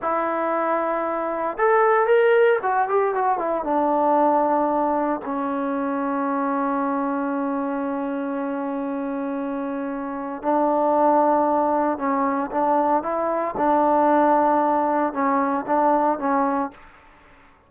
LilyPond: \new Staff \with { instrumentName = "trombone" } { \time 4/4 \tempo 4 = 115 e'2. a'4 | ais'4 fis'8 g'8 fis'8 e'8 d'4~ | d'2 cis'2~ | cis'1~ |
cis'1 | d'2. cis'4 | d'4 e'4 d'2~ | d'4 cis'4 d'4 cis'4 | }